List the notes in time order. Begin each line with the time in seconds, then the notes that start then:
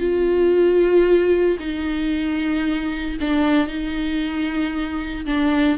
0.00 F4
1.60 D#4
3.21 D4
3.68 D#4
5.26 D4